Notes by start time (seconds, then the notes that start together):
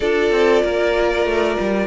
0.00 D4 F4 A4 D5
0.31 C4
0.62 A#3 A#4
1.25 A3
1.59 G3